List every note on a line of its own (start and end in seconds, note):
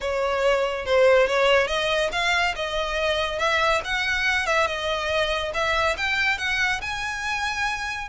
0.00 0.85 C#5
0.85 1.27 C5
1.27 1.67 C#5
1.67 2.09 D#5
2.12 2.54 F5
2.55 3.38 D#5
3.38 3.81 E5
3.84 4.46 F#5
4.46 4.66 E5
4.66 5.51 D#5
5.54 5.96 E5
5.97 6.38 G5
6.38 6.80 F#5
6.81 8.08 G#5